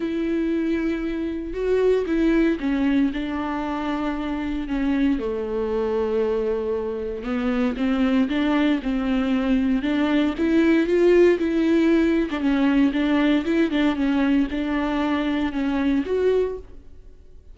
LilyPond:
\new Staff \with { instrumentName = "viola" } { \time 4/4 \tempo 4 = 116 e'2. fis'4 | e'4 cis'4 d'2~ | d'4 cis'4 a2~ | a2 b4 c'4 |
d'4 c'2 d'4 | e'4 f'4 e'4.~ e'16 d'16 | cis'4 d'4 e'8 d'8 cis'4 | d'2 cis'4 fis'4 | }